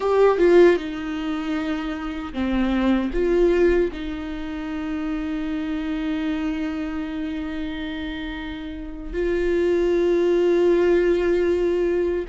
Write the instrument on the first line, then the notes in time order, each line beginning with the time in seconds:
viola
0.00 G4
0.38 F4
0.77 D#4
2.33 C4
3.13 F4
3.92 D#4
9.13 F4